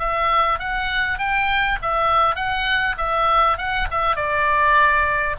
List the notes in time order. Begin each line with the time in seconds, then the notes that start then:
0.00 E5
0.60 F#5
1.19 G5
1.82 E5
2.36 F#5
2.98 E5
3.58 F#5
3.91 E5
4.17 D5